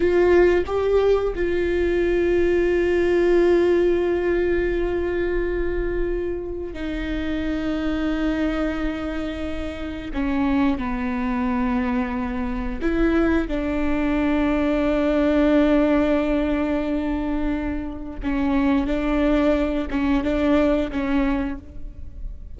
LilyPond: \new Staff \with { instrumentName = "viola" } { \time 4/4 \tempo 4 = 89 f'4 g'4 f'2~ | f'1~ | f'2 dis'2~ | dis'2. cis'4 |
b2. e'4 | d'1~ | d'2. cis'4 | d'4. cis'8 d'4 cis'4 | }